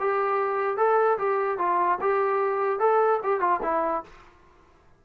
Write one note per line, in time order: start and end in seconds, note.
0.00 0.77 G4
0.77 1.18 A4
1.18 1.58 G4
1.58 1.99 F4
2.01 2.80 G4
2.80 3.20 A4
3.24 3.40 G4
3.40 3.61 F4
3.63 4.04 E4